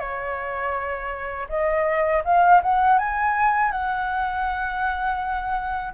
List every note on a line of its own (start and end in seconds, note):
0.00 1.48 C#5
1.49 2.24 D#5
2.25 2.62 F5
2.63 2.99 F#5
2.99 3.72 G#5
3.72 5.94 F#5